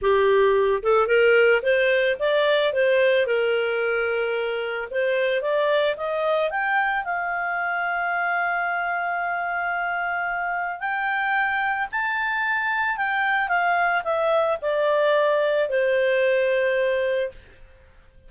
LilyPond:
\new Staff \with { instrumentName = "clarinet" } { \time 4/4 \tempo 4 = 111 g'4. a'8 ais'4 c''4 | d''4 c''4 ais'2~ | ais'4 c''4 d''4 dis''4 | g''4 f''2.~ |
f''1 | g''2 a''2 | g''4 f''4 e''4 d''4~ | d''4 c''2. | }